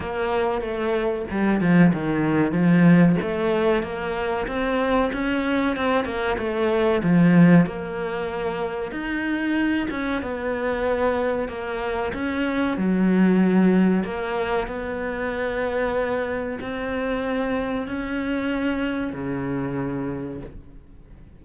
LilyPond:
\new Staff \with { instrumentName = "cello" } { \time 4/4 \tempo 4 = 94 ais4 a4 g8 f8 dis4 | f4 a4 ais4 c'4 | cis'4 c'8 ais8 a4 f4 | ais2 dis'4. cis'8 |
b2 ais4 cis'4 | fis2 ais4 b4~ | b2 c'2 | cis'2 cis2 | }